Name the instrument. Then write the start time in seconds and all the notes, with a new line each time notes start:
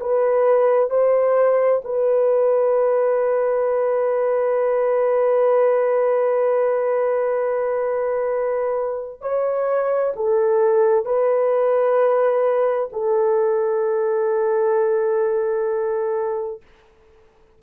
horn
0.00 B4
0.89 C5
1.84 B4
9.21 C#5
10.16 A4
11.05 B4
12.92 A4